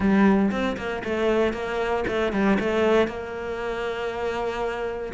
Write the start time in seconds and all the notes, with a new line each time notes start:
0.00 G3
0.51 C4
0.77 A#3
1.03 A3
1.53 A#3
2.07 A3
2.32 G3
2.59 A3
3.07 A#3